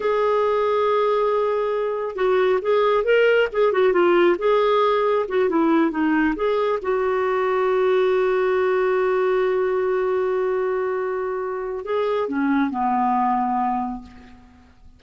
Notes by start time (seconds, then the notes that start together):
0.00 G#4
2.15 F#4
2.61 G#4
3.04 A#4
3.52 G#4
3.72 F#4
3.92 F4
4.38 G#4
5.28 F#4
5.49 E4
5.90 D#4
6.35 G#4
6.82 F#4
11.84 G#4
12.28 C#4
12.70 B3